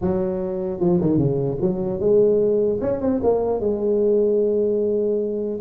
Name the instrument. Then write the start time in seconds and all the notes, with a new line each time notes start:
tuba
0.01 F#3
0.79 F3
1.00 D#3
1.17 C#3
1.61 F#3
2.00 G#3
2.81 C#4
3.01 C4
3.23 A#3
3.60 G#3